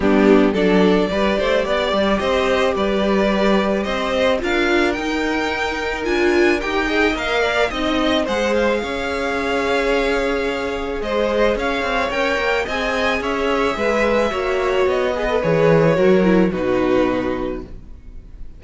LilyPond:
<<
  \new Staff \with { instrumentName = "violin" } { \time 4/4 \tempo 4 = 109 g'4 d''2. | dis''4 d''2 dis''4 | f''4 g''2 gis''4 | g''4 f''4 dis''4 fis''8 f''8~ |
f''1 | dis''4 f''4 g''4 gis''4 | e''2. dis''4 | cis''2 b'2 | }
  \new Staff \with { instrumentName = "violin" } { \time 4/4 d'4 a'4 b'8 c''8 d''4 | c''4 b'2 c''4 | ais'1~ | ais'8 dis''4 d''8 dis''4 c''4 |
cis''1 | c''4 cis''2 dis''4 | cis''4 b'4 cis''4. b'8~ | b'4 ais'4 fis'2 | }
  \new Staff \with { instrumentName = "viola" } { \time 4/4 b4 d'4 g'2~ | g'1 | f'4 dis'2 f'4 | g'8 gis'8 ais'4 dis'4 gis'4~ |
gis'1~ | gis'2 ais'4 gis'4~ | gis'2 fis'4. gis'16 a'16 | gis'4 fis'8 e'8 dis'2 | }
  \new Staff \with { instrumentName = "cello" } { \time 4/4 g4 fis4 g8 a8 b8 g8 | c'4 g2 c'4 | d'4 dis'2 d'4 | dis'4 ais4 c'4 gis4 |
cis'1 | gis4 cis'8 c'8 cis'8 ais8 c'4 | cis'4 gis4 ais4 b4 | e4 fis4 b,2 | }
>>